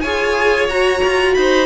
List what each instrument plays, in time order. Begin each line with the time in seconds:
0.00 cello F4, viola G#4, violin C#5 G#5
0.69 cello F#4, viola F#4, violin A#5
1.04 cello F4
1.34 cello D#4, violin C5 B5